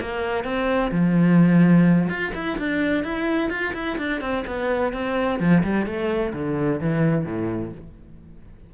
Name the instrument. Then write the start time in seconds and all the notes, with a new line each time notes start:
cello
0.00 A#3
0.44 C4
0.91 F3
2.08 F4
2.34 E4
2.58 D4
3.03 E4
3.50 F4
3.74 E4
3.97 D4
4.20 C4
4.46 B3
4.93 C4
5.39 F3
5.63 G3
5.86 A3
6.33 D3
6.80 E3
7.24 A2